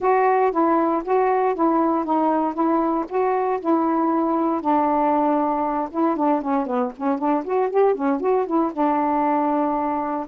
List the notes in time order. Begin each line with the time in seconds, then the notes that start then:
0.00 F#4
0.51 E4
1.04 F#4
1.55 E4
2.04 D#4
2.54 E4
3.08 F#4
3.60 E4
4.61 D4
5.91 E4
6.16 D4
6.41 C#4
6.66 B3
6.96 C#4
7.18 D4
7.44 F#4
7.70 G4
7.94 C#4
8.20 F#4
8.46 E4
8.72 D4